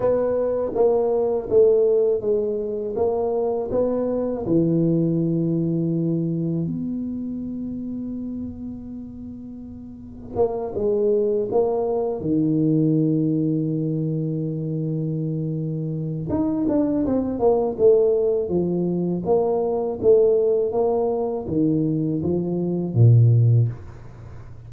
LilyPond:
\new Staff \with { instrumentName = "tuba" } { \time 4/4 \tempo 4 = 81 b4 ais4 a4 gis4 | ais4 b4 e2~ | e4 b2.~ | b2 ais8 gis4 ais8~ |
ais8 dis2.~ dis8~ | dis2 dis'8 d'8 c'8 ais8 | a4 f4 ais4 a4 | ais4 dis4 f4 ais,4 | }